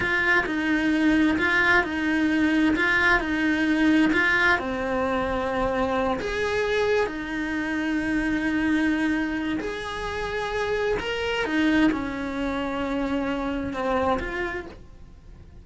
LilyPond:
\new Staff \with { instrumentName = "cello" } { \time 4/4 \tempo 4 = 131 f'4 dis'2 f'4 | dis'2 f'4 dis'4~ | dis'4 f'4 c'2~ | c'4. gis'2 dis'8~ |
dis'1~ | dis'4 gis'2. | ais'4 dis'4 cis'2~ | cis'2 c'4 f'4 | }